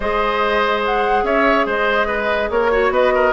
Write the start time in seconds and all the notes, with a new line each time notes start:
0.00 G#3 G#4 C5 D#5
0.85 F#5
1.23 C#4 C#5 E5
1.66 G#3 C5 D#5
2.07 B4
2.50 A#3 A#4 C#5
2.71 F#4 C#5
2.90 B3 B4 D#5
3.14 A#4